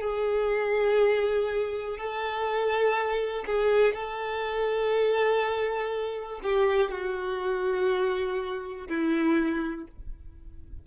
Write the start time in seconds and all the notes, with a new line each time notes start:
0.00 G#4
1.97 A4
3.46 G#4
3.94 A4
6.42 G4
6.90 F#4
8.88 E4